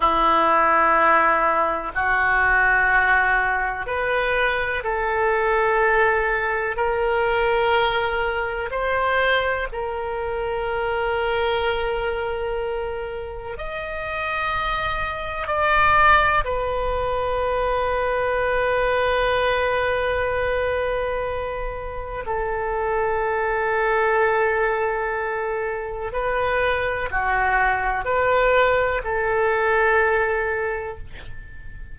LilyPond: \new Staff \with { instrumentName = "oboe" } { \time 4/4 \tempo 4 = 62 e'2 fis'2 | b'4 a'2 ais'4~ | ais'4 c''4 ais'2~ | ais'2 dis''2 |
d''4 b'2.~ | b'2. a'4~ | a'2. b'4 | fis'4 b'4 a'2 | }